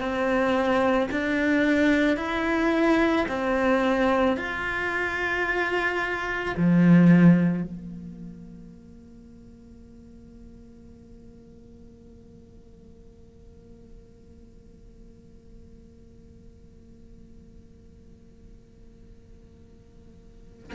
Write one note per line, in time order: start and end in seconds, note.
0.00 1.09 C4
1.12 2.17 D4
2.17 3.26 E4
3.28 4.37 C4
4.37 6.56 F4
6.57 7.64 F3
7.64 20.73 A#3